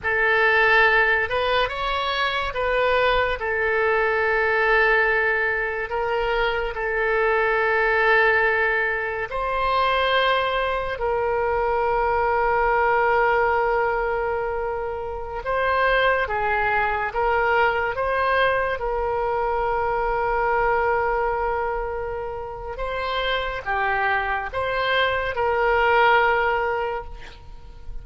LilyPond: \new Staff \with { instrumentName = "oboe" } { \time 4/4 \tempo 4 = 71 a'4. b'8 cis''4 b'4 | a'2. ais'4 | a'2. c''4~ | c''4 ais'2.~ |
ais'2~ ais'16 c''4 gis'8.~ | gis'16 ais'4 c''4 ais'4.~ ais'16~ | ais'2. c''4 | g'4 c''4 ais'2 | }